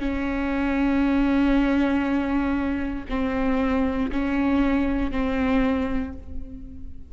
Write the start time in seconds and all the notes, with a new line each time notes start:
0.00 C#4
3.10 C4
4.12 C#4
5.11 C4